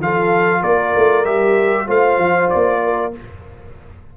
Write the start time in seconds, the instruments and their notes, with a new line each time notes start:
0.00 tuba F3, trombone F4, horn A4, trumpet F5
0.61 tuba A#3, horn A#4, trumpet D5
0.98 tuba A3
1.25 tuba G3, trombone G4, trumpet E5
1.87 tuba A3, trombone F4, horn C5, trumpet F5
2.18 tuba F3
2.50 tuba A#3, trumpet D5
2.84 horn A#4